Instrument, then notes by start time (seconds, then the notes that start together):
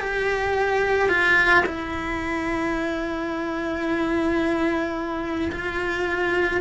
cello
0.00 G4
1.09 F4
1.66 E4
5.52 F4